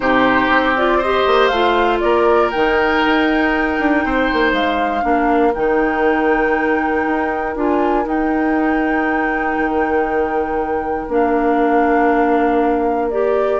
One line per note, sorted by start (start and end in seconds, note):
0.00 0.48 C3
0.00 0.75 D#4
0.00 0.97 G4
0.00 0.75 C5
0.48 1.24 C4
0.76 1.02 F4
0.76 1.02 D5
0.97 1.52 G4
0.97 1.98 C5
0.97 1.47 D#5
1.26 1.49 A#3
1.47 2.00 A3
1.47 2.53 F4
1.47 1.98 F5
2.00 2.53 A#3
2.00 4.05 A#4
2.00 2.50 D5
2.51 3.05 D#3
2.51 5.02 D#4
2.51 4.52 G5
3.05 3.79 D#4
3.79 4.04 D4
4.04 4.30 C4
4.04 5.03 C5
4.32 4.52 A#3
4.52 5.03 G#3
4.52 5.53 F5
5.02 5.54 A#3
5.02 5.52 D4
5.02 13.60 A#4
5.54 7.06 D#3
5.54 7.56 D#4
5.54 7.56 G5
7.06 7.55 D#4
7.55 8.06 D4
7.55 8.04 F4
7.55 8.07 G#5
8.04 11.07 D#4
8.04 9.57 D#4
8.04 11.10 G5
9.58 11.08 D#3
11.08 13.60 A#3
11.08 13.10 D4
11.08 13.10 F5
13.10 13.60 G4
13.10 13.60 D5